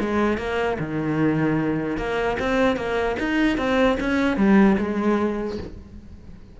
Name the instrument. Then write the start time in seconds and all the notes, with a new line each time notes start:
cello
0.00 G#3
0.37 A#3
0.79 D#3
1.97 A#3
2.39 C4
2.77 A#3
3.19 D#4
3.57 C4
4.00 C#4
4.37 G3
4.78 G#3